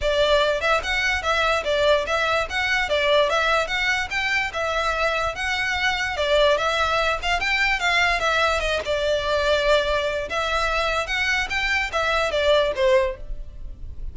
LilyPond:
\new Staff \with { instrumentName = "violin" } { \time 4/4 \tempo 4 = 146 d''4. e''8 fis''4 e''4 | d''4 e''4 fis''4 d''4 | e''4 fis''4 g''4 e''4~ | e''4 fis''2 d''4 |
e''4. f''8 g''4 f''4 | e''4 dis''8 d''2~ d''8~ | d''4 e''2 fis''4 | g''4 e''4 d''4 c''4 | }